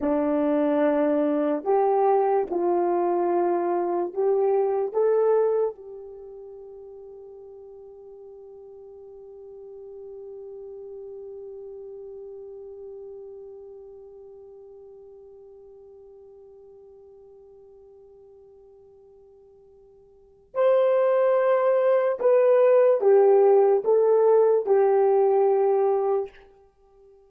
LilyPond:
\new Staff \with { instrumentName = "horn" } { \time 4/4 \tempo 4 = 73 d'2 g'4 f'4~ | f'4 g'4 a'4 g'4~ | g'1~ | g'1~ |
g'1~ | g'1~ | g'4 c''2 b'4 | g'4 a'4 g'2 | }